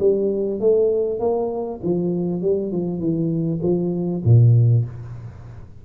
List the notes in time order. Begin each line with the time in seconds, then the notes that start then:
0.00 G3
0.61 A3
1.20 A#3
1.84 F3
2.42 G3
2.72 F3
3.00 E3
3.63 F3
4.25 A#2